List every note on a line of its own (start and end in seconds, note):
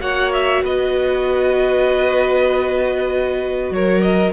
0.00 0.62 A#3
0.00 4.33 F#4
0.00 0.63 C#5
0.00 0.32 F#5
0.33 0.64 E5
0.63 3.70 B3
0.63 3.73 B4
0.63 3.73 D#5
3.70 4.32 F#3
3.70 4.33 A#4
3.70 4.02 C#5
4.02 4.32 D#5